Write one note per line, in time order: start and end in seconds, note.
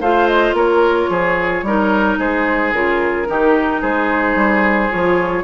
0.00 0.53 A3
0.00 1.66 F4
0.00 0.55 C5
0.00 0.27 F5
0.27 0.55 D#5
0.53 1.07 A#3
0.53 1.10 A#4
0.53 2.19 C#5
1.09 1.62 F3
1.09 1.65 G#4
1.62 2.17 G3
1.62 2.74 D#4
1.62 2.18 A#4
2.18 2.73 G#3
2.18 3.27 G#4
2.18 2.73 C5
2.73 3.27 C#3
2.73 3.26 F4
2.73 3.82 A#4
3.26 3.82 D#3
3.26 4.90 D#4
3.26 3.81 G4
3.81 4.35 G#3
3.81 5.43 G#4
3.81 4.91 C5
4.35 4.90 G3
4.90 5.43 F3
4.90 5.43 F4
4.90 5.43 C#5